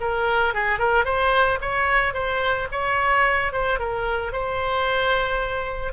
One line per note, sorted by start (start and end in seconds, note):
0.00 0.54 A#4
0.54 0.78 G#4
0.78 1.05 A#4
1.05 1.59 C5
1.61 2.13 C#5
2.13 2.67 C5
2.71 3.52 C#5
3.52 3.79 C5
3.79 4.32 A#4
4.32 5.93 C5